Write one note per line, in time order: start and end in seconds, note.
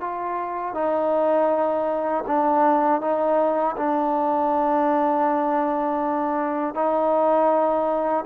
0.00 0.74 F4
0.74 2.24 D#4
2.27 3.01 D4
3.01 3.76 D#4
3.77 6.75 D4
6.75 8.25 D#4